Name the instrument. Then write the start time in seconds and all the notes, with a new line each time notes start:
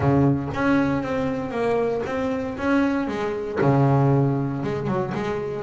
double bass
0.00 C#3
0.54 C#4
1.03 C4
1.50 A#3
2.06 C4
2.57 C#4
3.07 G#3
3.61 C#3
4.63 G#3
4.87 F#3
5.14 G#3